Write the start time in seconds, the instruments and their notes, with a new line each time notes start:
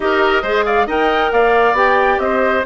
0.00 bassoon D#4, clarinet G4, oboe A#4, flute D#5
0.42 bassoon G#3, clarinet G#4, oboe C5
0.65 oboe D5, flute F5
0.86 bassoon D#4, clarinet A#4, oboe D#5, flute G5
1.31 bassoon A#3, oboe D5, flute F5
1.73 bassoon B3, clarinet G4, flute G5
2.18 bassoon C4, oboe C5, flute D#5